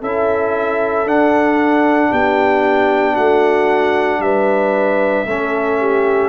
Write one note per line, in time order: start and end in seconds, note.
0.00 1.05 C#4
0.00 1.06 E4
0.00 2.11 A4
0.00 1.08 E5
1.05 2.10 D4
1.05 5.27 D4
1.05 2.13 F#5
2.11 3.17 B3
2.11 3.13 G4
2.11 3.16 G5
3.13 4.20 A3
3.13 4.19 F#4
3.13 4.21 F#5
4.20 5.25 G3
4.20 5.29 B4
4.20 6.29 E5
5.26 6.29 A3
5.26 6.29 C#4
5.26 5.80 A4
5.80 6.29 G4